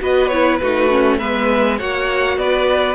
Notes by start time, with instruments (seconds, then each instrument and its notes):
0.00 cello B3, viola F#4, violin B4 D#5
0.27 viola E4, violin C#5
0.57 cello A3, viola D#4, violin F#4 B4
0.90 viola C#4
1.18 cello G#3, viola B3, violin B4 E5
1.78 cello A#3, viola F#4, violin C#5 F#5
2.37 cello B3, violin B4 D5